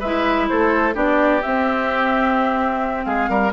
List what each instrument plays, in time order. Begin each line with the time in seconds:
0.00 bassoon G#3, clarinet E4, oboe B4, flute E5
0.49 bassoon A3, oboe A4, flute C5
0.94 bassoon B3, clarinet D4, oboe G4, flute D5
1.42 clarinet C4, bassoon C4, flute E5
3.05 bassoon G#3, oboe G#4, flute F5
3.30 bassoon G3, oboe A#4